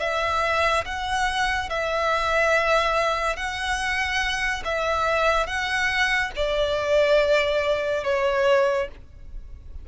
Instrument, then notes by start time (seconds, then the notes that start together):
violin
0.00 E5
0.85 F#5
1.69 E5
3.36 F#5
4.65 E5
5.47 F#5
6.36 D5
8.04 C#5